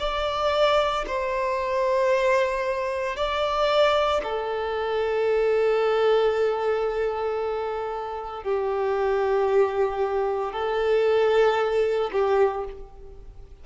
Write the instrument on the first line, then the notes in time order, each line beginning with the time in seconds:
violin
0.00 D5
1.07 C5
3.17 D5
4.24 A4
8.44 G4
10.53 A4
12.12 G4